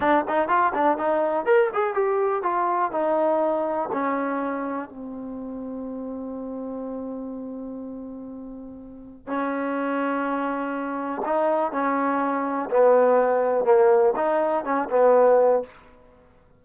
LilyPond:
\new Staff \with { instrumentName = "trombone" } { \time 4/4 \tempo 4 = 123 d'8 dis'8 f'8 d'8 dis'4 ais'8 gis'8 | g'4 f'4 dis'2 | cis'2 c'2~ | c'1~ |
c'2. cis'4~ | cis'2. dis'4 | cis'2 b2 | ais4 dis'4 cis'8 b4. | }